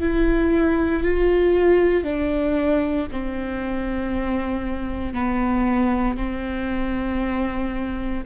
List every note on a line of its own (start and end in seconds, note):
0.00 1.03 E4
1.03 2.04 F4
2.04 3.07 D4
3.12 5.13 C4
5.13 6.16 B3
6.16 8.23 C4